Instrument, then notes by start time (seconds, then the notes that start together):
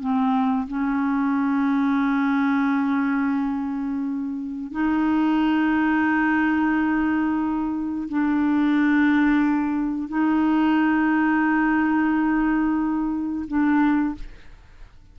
clarinet
0.00 C4
0.68 C#4
4.72 D#4
8.09 D4
10.08 D#4
13.47 D4